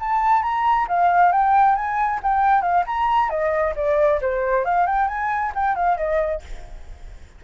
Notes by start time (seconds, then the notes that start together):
0.00 A5
0.43 A#5
0.88 F5
1.32 G5
1.76 G#5
2.23 G5
2.62 F5
2.87 A#5
3.30 D#5
3.76 D5
4.22 C5
4.65 F5
4.87 G5
5.08 G#5
5.55 G5
5.76 F5
5.98 D#5